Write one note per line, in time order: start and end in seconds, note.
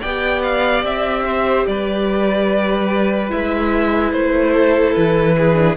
0.00 0.83 B3
0.00 3.29 G4
0.00 1.23 D5
0.00 0.42 G5
0.43 0.84 F5
0.83 1.65 C4
0.83 1.66 E5
1.25 1.66 C5
1.66 3.31 G3
1.66 4.53 B4
1.66 3.30 D5
3.29 4.12 G#3
3.29 5.54 E4
3.29 4.12 E5
4.12 4.94 A3
4.12 4.94 C5
4.53 5.36 A4
4.94 5.76 E3
4.94 5.76 B4
5.37 5.76 G#4
5.54 5.75 D4